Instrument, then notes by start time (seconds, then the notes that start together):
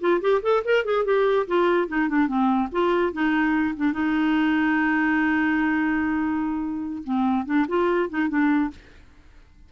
clarinet
0.00 F4
0.21 G4
0.43 A4
0.65 A#4
0.85 G#4
1.05 G4
1.47 F4
1.88 D#4
2.09 D4
2.28 C4
2.72 F4
3.13 D#4
3.76 D4
3.93 D#4
7.04 C4
7.46 D4
7.68 F4
8.10 D#4
8.29 D4